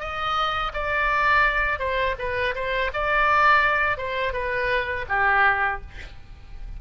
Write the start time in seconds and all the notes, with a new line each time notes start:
0.00 D#5
0.74 D5
1.79 C5
2.19 B4
2.55 C5
2.93 D5
3.98 C5
4.33 B4
5.09 G4